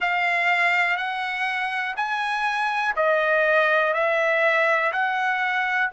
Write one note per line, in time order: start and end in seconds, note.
0.00 0.96 F5
0.96 1.94 F#5
1.96 2.94 G#5
2.96 3.93 D#5
3.93 4.92 E5
4.92 5.90 F#5